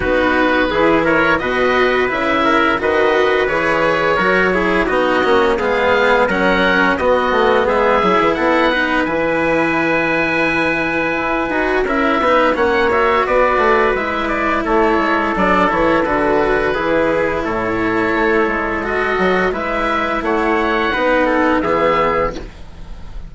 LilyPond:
<<
  \new Staff \with { instrumentName = "oboe" } { \time 4/4 \tempo 4 = 86 b'4. cis''8 dis''4 e''4 | dis''4 cis''2 dis''4 | f''4 fis''4 dis''4 e''4 | fis''4 gis''2.~ |
gis''4 e''4 fis''8 e''8 d''4 | e''8 d''8 cis''4 d''8 cis''8 b'4~ | b'4 cis''2 dis''4 | e''4 fis''2 e''4 | }
  \new Staff \with { instrumentName = "trumpet" } { \time 4/4 fis'4 gis'8 ais'8 b'4. ais'8 | b'2 ais'8 gis'8 fis'4 | gis'4 ais'4 fis'4 gis'4 | a'8 b'2.~ b'8~ |
b'4 ais'8 b'8 cis''4 b'4~ | b'4 a'2. | gis'4 a'2. | b'4 cis''4 b'8 a'8 gis'4 | }
  \new Staff \with { instrumentName = "cello" } { \time 4/4 dis'4 e'4 fis'4 e'4 | fis'4 gis'4 fis'8 e'8 dis'8 cis'8 | b4 cis'4 b4. e'8~ | e'8 dis'8 e'2.~ |
e'8 fis'8 e'8 dis'8 cis'8 fis'4. | e'2 d'8 e'8 fis'4 | e'2. fis'4 | e'2 dis'4 b4 | }
  \new Staff \with { instrumentName = "bassoon" } { \time 4/4 b4 e4 b,4 cis4 | dis4 e4 fis4 b8 ais8 | gis4 fis4 b8 a8 gis8 fis16 e16 | b4 e2. |
e'8 dis'8 cis'8 b8 ais4 b8 a8 | gis4 a8 gis8 fis8 e8 d4 | e4 a,4 a8 gis4 fis8 | gis4 a4 b4 e4 | }
>>